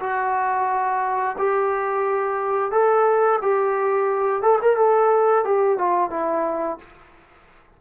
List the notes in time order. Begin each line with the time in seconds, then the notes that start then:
0.00 F#4
1.39 G4
2.72 A4
3.42 G4
4.42 A4
4.62 A#4
4.77 A4
5.45 G4
5.78 F4
6.11 E4